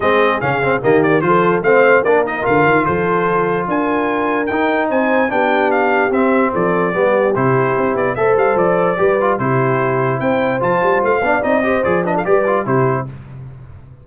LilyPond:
<<
  \new Staff \with { instrumentName = "trumpet" } { \time 4/4 \tempo 4 = 147 dis''4 f''4 dis''8 d''8 c''4 | f''4 d''8 dis''8 f''4 c''4~ | c''4 gis''2 g''4 | gis''4 g''4 f''4 e''4 |
d''2 c''4. d''8 | e''8 f''8 d''2 c''4~ | c''4 g''4 a''4 f''4 | dis''4 d''8 dis''16 f''16 d''4 c''4 | }
  \new Staff \with { instrumentName = "horn" } { \time 4/4 gis'2 g'4 a'4 | c''4 ais'2 a'4~ | a'4 ais'2. | c''4 g'2. |
a'4 g'2. | c''2 b'4 g'4~ | g'4 c''2~ c''8 d''8~ | d''8 c''4 b'16 a'16 b'4 g'4 | }
  \new Staff \with { instrumentName = "trombone" } { \time 4/4 c'4 cis'8 c'8 ais4 f'4 | c'4 d'8 dis'8 f'2~ | f'2. dis'4~ | dis'4 d'2 c'4~ |
c'4 b4 e'2 | a'2 g'8 f'8 e'4~ | e'2 f'4. d'8 | dis'8 g'8 gis'8 d'8 g'8 f'8 e'4 | }
  \new Staff \with { instrumentName = "tuba" } { \time 4/4 gis4 cis4 dis4 f4 | a4 ais4 d8 dis8 f4~ | f4 d'2 dis'4 | c'4 b2 c'4 |
f4 g4 c4 c'8 b8 | a8 g8 f4 g4 c4~ | c4 c'4 f8 g8 a8 b8 | c'4 f4 g4 c4 | }
>>